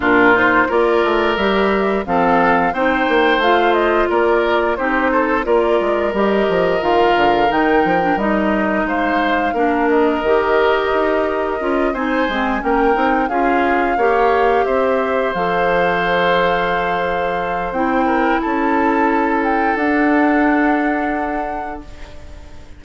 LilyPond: <<
  \new Staff \with { instrumentName = "flute" } { \time 4/4 \tempo 4 = 88 ais'8 c''8 d''4 e''4 f''4 | g''4 f''8 dis''8 d''4 c''4 | d''4 dis''4 f''4 g''4 | dis''4 f''4. dis''4.~ |
dis''4. gis''4 g''4 f''8~ | f''4. e''4 f''4.~ | f''2 g''4 a''4~ | a''8 g''8 fis''2. | }
  \new Staff \with { instrumentName = "oboe" } { \time 4/4 f'4 ais'2 a'4 | c''2 ais'4 g'8 a'8 | ais'1~ | ais'4 c''4 ais'2~ |
ais'4. c''4 ais'4 gis'8~ | gis'8 cis''4 c''2~ c''8~ | c''2~ c''8 ais'8 a'4~ | a'1 | }
  \new Staff \with { instrumentName = "clarinet" } { \time 4/4 d'8 dis'8 f'4 g'4 c'4 | dis'4 f'2 dis'4 | f'4 g'4 f'4 dis'8. d'16 | dis'2 d'4 g'4~ |
g'4 f'8 dis'8 c'8 cis'8 dis'8 f'8~ | f'8 g'2 a'4.~ | a'2 e'2~ | e'4 d'2. | }
  \new Staff \with { instrumentName = "bassoon" } { \time 4/4 ais,4 ais8 a8 g4 f4 | c'8 ais8 a4 ais4 c'4 | ais8 gis8 g8 f8 dis8 d8 dis8 f8 | g4 gis4 ais4 dis4 |
dis'4 cis'8 c'8 gis8 ais8 c'8 cis'8~ | cis'8 ais4 c'4 f4.~ | f2 c'4 cis'4~ | cis'4 d'2. | }
>>